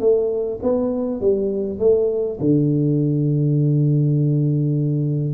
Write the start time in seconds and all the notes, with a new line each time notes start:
0.00 A3
0.63 B3
1.21 G3
1.79 A3
2.41 D3